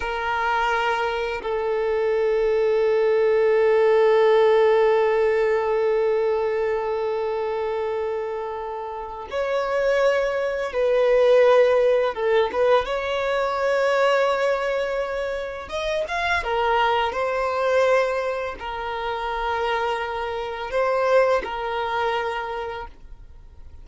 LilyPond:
\new Staff \with { instrumentName = "violin" } { \time 4/4 \tempo 4 = 84 ais'2 a'2~ | a'1~ | a'1~ | a'4 cis''2 b'4~ |
b'4 a'8 b'8 cis''2~ | cis''2 dis''8 f''8 ais'4 | c''2 ais'2~ | ais'4 c''4 ais'2 | }